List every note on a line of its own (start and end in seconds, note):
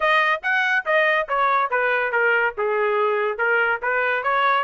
0.00 0.41 D#5
0.42 0.85 F#5
0.85 1.27 D#5
1.28 1.70 C#5
1.70 2.12 B4
2.12 2.54 A#4
2.57 3.37 G#4
3.37 3.80 A#4
3.82 4.23 B4
4.23 4.64 C#5